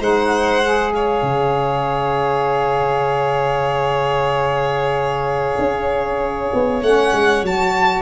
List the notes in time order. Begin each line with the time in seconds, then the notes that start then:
0.00 G#3 D#4 C5 F#5
0.64 G#4
0.93 C#5 F5
1.22 C#3
5.58 C#4
6.54 B3
6.82 A3 C#4 F#5
7.13 G#3
7.43 F#3 F#4 A5